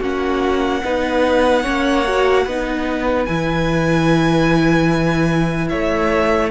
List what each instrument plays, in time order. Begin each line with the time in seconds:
0.00 cello A#3, viola C#4, violin F#4 F#5
0.84 cello B3, viola D#4, violin B4
1.62 cello A#3, viola C#4, violin C#5
2.07 viola F#4
2.45 cello B3, viola D#4, violin B4
3.25 cello E3, viola E4, violin G#5
5.69 cello A3, violin C#5 E5